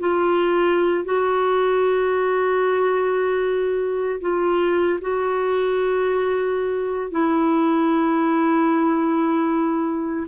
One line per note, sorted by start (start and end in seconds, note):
0.00 1.05 F4
1.05 4.21 F#4
4.21 5.00 F4
5.01 7.11 F#4
7.11 10.27 E4